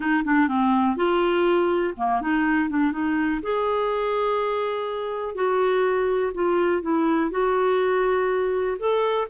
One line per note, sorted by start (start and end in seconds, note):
0.00 0.23 D#4
0.24 0.47 D4
0.47 0.96 C4
0.96 1.94 F4
1.96 2.21 A#3
2.21 2.69 D#4
2.69 2.92 D4
2.92 3.40 D#4
3.42 5.35 G#4
5.35 6.32 F#4
6.33 6.82 F4
6.82 7.31 E4
7.31 8.77 F#4
8.78 9.27 A4